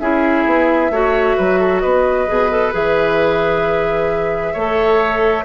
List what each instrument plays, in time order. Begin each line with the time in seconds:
0.00 bassoon C#4, clarinet E4, oboe G#4, flute E5
0.46 bassoon B3
0.91 bassoon A3, clarinet F#4, oboe C#5
1.37 bassoon F#3, oboe B4
1.60 oboe A4
1.81 bassoon B3, oboe B4, flute D#5
2.28 bassoon B2, clarinet G#4
2.51 clarinet A4
2.73 bassoon E3, clarinet G#4, flute E5
4.54 bassoon A3, clarinet A4, oboe C#5